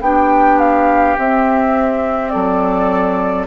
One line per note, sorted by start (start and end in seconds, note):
0.00 1.15 B3
0.00 1.17 D4
0.00 2.32 G4
0.00 0.59 G5
0.59 1.16 F5
1.17 3.46 C4
1.17 2.33 C4
1.17 2.29 E5
2.29 3.46 F#3
2.29 3.46 A4
2.29 3.44 D5